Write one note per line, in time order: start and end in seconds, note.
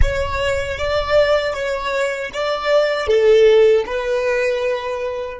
0.01 0.78 C#5
0.78 1.53 D5
1.53 2.30 C#5
2.33 3.07 D5
3.07 3.84 A4
3.86 5.40 B4